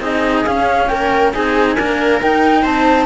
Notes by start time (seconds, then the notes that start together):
0.00 C4 D#4 G#4 D#5
0.45 C#4 F5
0.87 A#3 A#4 G5
1.33 C4 D#4 G#4 G#5
1.75 A#3 D4 A#4
2.21 D#4 G5
2.62 C4 C5 A5